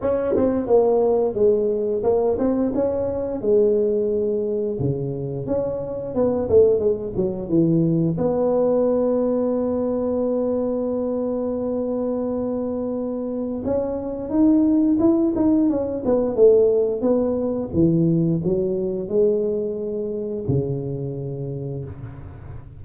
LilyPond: \new Staff \with { instrumentName = "tuba" } { \time 4/4 \tempo 4 = 88 cis'8 c'8 ais4 gis4 ais8 c'8 | cis'4 gis2 cis4 | cis'4 b8 a8 gis8 fis8 e4 | b1~ |
b1 | cis'4 dis'4 e'8 dis'8 cis'8 b8 | a4 b4 e4 fis4 | gis2 cis2 | }